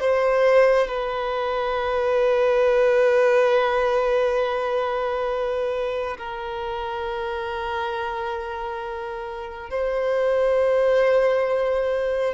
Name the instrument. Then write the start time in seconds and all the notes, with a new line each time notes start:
violin
0.00 C5
0.88 B4
6.18 A#4
9.70 C5